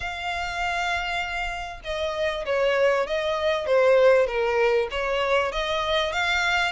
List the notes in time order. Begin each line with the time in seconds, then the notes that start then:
0.00 F5
1.83 D#5
2.45 C#5
3.06 D#5
3.66 C5
4.27 A#4
4.90 C#5
5.52 D#5
6.12 F5